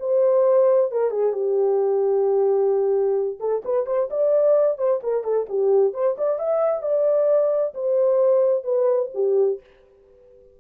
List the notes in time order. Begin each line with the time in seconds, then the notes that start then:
0.00 C5
0.91 A#4
1.11 G#4
1.33 G4
3.40 A4
3.65 B4
3.86 C5
4.10 D5
4.78 C5
5.03 A#4
5.24 A4
5.49 G4
5.94 C5
6.18 D5
6.39 E5
6.82 D5
7.74 C5
8.64 B4
9.14 G4